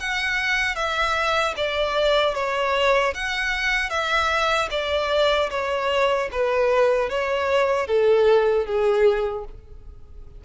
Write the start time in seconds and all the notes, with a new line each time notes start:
0.00 F#5
0.75 E5
1.57 D5
2.35 C#5
3.14 F#5
3.90 E5
4.71 D5
5.50 C#5
6.32 B4
7.09 C#5
7.87 A4
8.66 G#4